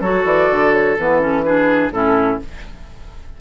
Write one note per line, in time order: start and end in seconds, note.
0.00 0.24 F#3
0.00 0.97 F#4
0.00 1.42 A4
0.00 0.25 C#5
0.25 0.48 E3
0.25 0.72 D5
0.51 0.98 D3
0.72 0.96 C#5
0.98 1.91 E3
0.98 1.20 B3
0.98 1.22 B4
1.20 1.44 C#4
1.20 1.43 A4
1.43 1.92 D4
1.43 1.92 G#4
1.43 1.90 B4
1.91 2.38 A2
1.91 2.40 C#4
1.91 2.41 E4
1.91 2.39 A4